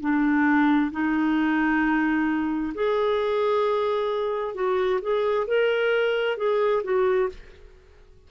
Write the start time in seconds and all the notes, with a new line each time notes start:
0.00 D4
0.91 D#4
2.74 G#4
4.55 F#4
5.01 G#4
5.47 A#4
6.37 G#4
6.83 F#4